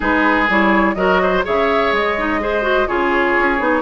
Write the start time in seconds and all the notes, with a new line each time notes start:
0.00 G#3 D#4 G#4 B4
0.49 G3 E4 C#5
0.94 F#3 F#4 A#4 D#5
1.22 C5
1.43 C#3 G#4 C#5 E5
1.91 G#3 D#5
2.18 D#4
2.40 G#4 C5
2.62 F#4
2.87 C#3 F4 G#4 C#5
3.37 C#4
3.58 B3 D#4